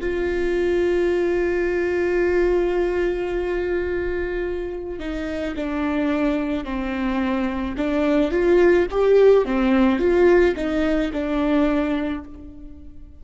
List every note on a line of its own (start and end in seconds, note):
0.00 4.99 F4
4.99 5.55 D#4
5.56 6.64 D4
6.64 7.75 C4
7.77 8.31 D4
8.31 8.86 F4
8.90 9.45 G4
9.45 9.99 C4
9.99 10.55 F4
10.56 11.11 D#4
11.13 12.24 D4